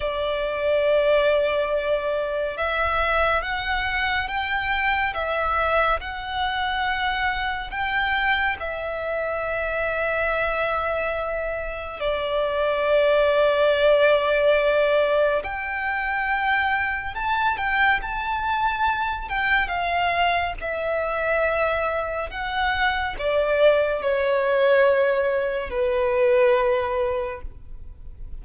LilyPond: \new Staff \with { instrumentName = "violin" } { \time 4/4 \tempo 4 = 70 d''2. e''4 | fis''4 g''4 e''4 fis''4~ | fis''4 g''4 e''2~ | e''2 d''2~ |
d''2 g''2 | a''8 g''8 a''4. g''8 f''4 | e''2 fis''4 d''4 | cis''2 b'2 | }